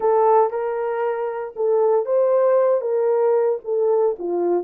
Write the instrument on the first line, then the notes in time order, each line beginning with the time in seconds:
horn
0.00 A4
0.50 A#4
1.56 A4
2.05 C5
2.81 A#4
3.64 A4
4.18 F4